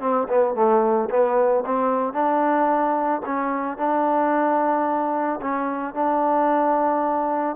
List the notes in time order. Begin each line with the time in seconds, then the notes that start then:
0.00 C4
0.28 B3
0.55 A3
1.10 B3
1.66 C4
2.13 D4
3.25 C#4
3.77 D4
5.41 C#4
5.94 D4